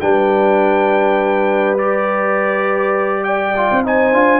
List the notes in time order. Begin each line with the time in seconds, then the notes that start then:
0.00 G3 D4 B4 G5
1.78 G4 D5
3.23 D5 G5
3.56 F4
3.70 C4
3.83 D#4 C5 G#5
4.13 D4 F4